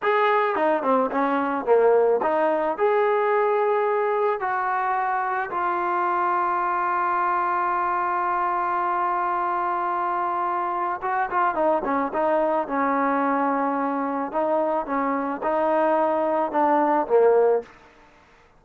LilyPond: \new Staff \with { instrumentName = "trombone" } { \time 4/4 \tempo 4 = 109 gis'4 dis'8 c'8 cis'4 ais4 | dis'4 gis'2. | fis'2 f'2~ | f'1~ |
f'1 | fis'8 f'8 dis'8 cis'8 dis'4 cis'4~ | cis'2 dis'4 cis'4 | dis'2 d'4 ais4 | }